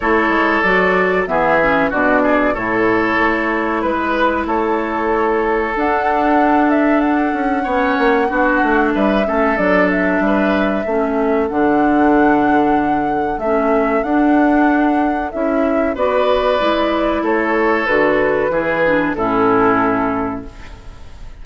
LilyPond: <<
  \new Staff \with { instrumentName = "flute" } { \time 4/4 \tempo 4 = 94 cis''4 d''4 e''4 d''4 | cis''2 b'4 cis''4~ | cis''4 fis''4. e''8 fis''4~ | fis''2 e''4 d''8 e''8~ |
e''2 fis''2~ | fis''4 e''4 fis''2 | e''4 d''2 cis''4 | b'2 a'2 | }
  \new Staff \with { instrumentName = "oboe" } { \time 4/4 a'2 gis'4 fis'8 gis'8 | a'2 b'4 a'4~ | a'1 | cis''4 fis'4 b'8 a'4. |
b'4 a'2.~ | a'1~ | a'4 b'2 a'4~ | a'4 gis'4 e'2 | }
  \new Staff \with { instrumentName = "clarinet" } { \time 4/4 e'4 fis'4 b8 cis'8 d'4 | e'1~ | e'4 d'2. | cis'4 d'4. cis'8 d'4~ |
d'4 cis'4 d'2~ | d'4 cis'4 d'2 | e'4 fis'4 e'2 | fis'4 e'8 d'8 cis'2 | }
  \new Staff \with { instrumentName = "bassoon" } { \time 4/4 a8 gis8 fis4 e4 b,4 | a,4 a4 gis4 a4~ | a4 d'2~ d'8 cis'8 | b8 ais8 b8 a8 g8 a8 fis4 |
g4 a4 d2~ | d4 a4 d'2 | cis'4 b4 gis4 a4 | d4 e4 a,2 | }
>>